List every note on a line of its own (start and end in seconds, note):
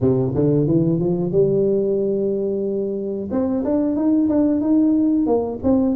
0.00 0.33 C3
0.34 0.67 D3
0.67 0.99 E3
0.99 1.31 F3
1.31 3.29 G3
3.31 3.64 C4
3.64 3.96 D4
3.96 4.29 D#4
4.29 4.60 D4
4.60 5.26 D#4
5.26 5.59 A#3
5.63 5.95 C4